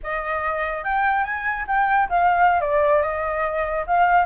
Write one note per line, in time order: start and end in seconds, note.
0.03 0.84 D#5
0.84 1.24 G5
1.24 1.65 G#5
1.67 2.08 G5
2.09 2.61 F5
2.61 3.02 D5
3.02 3.85 D#5
3.86 4.25 F5